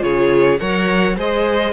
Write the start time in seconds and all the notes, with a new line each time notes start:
0.00 C#3 F4 G#4 C#5
0.59 F#3 A#4 C#5 F#5
1.16 G#3 G#4 C5 D#5